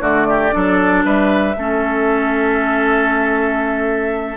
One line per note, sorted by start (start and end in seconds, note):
0.00 0.51 D3
0.00 0.52 A3
0.00 0.27 F#4
0.00 1.04 D5
0.29 0.55 G4
0.52 1.05 F#3
0.52 1.54 D4
0.52 1.05 A4
1.05 1.56 G3
1.05 1.56 B4
1.05 4.37 E5
1.56 4.37 A3
1.56 4.37 C#4
1.56 4.37 A4